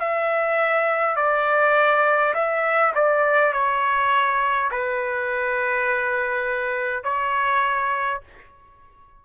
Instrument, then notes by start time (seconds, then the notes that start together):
trumpet
0.00 E5
1.17 D5
2.34 E5
2.95 D5
3.53 C#5
4.72 B4
7.04 C#5